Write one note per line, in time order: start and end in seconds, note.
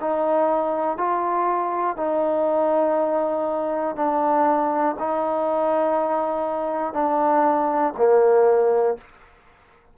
0.00 0.97 D#4
0.97 1.96 F4
1.96 3.95 D#4
3.95 4.95 D4
4.99 6.93 D#4
6.93 7.93 D4
7.97 8.97 A#3